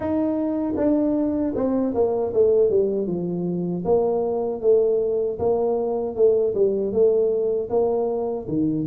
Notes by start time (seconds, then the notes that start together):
0.00 D#4
0.76 D4
1.55 C4
1.94 A#3
2.33 A3
2.70 G3
3.07 F3
3.85 A#3
4.61 A3
5.38 A#3
6.15 A3
6.54 G3
6.92 A3
7.69 A#3
8.48 D#3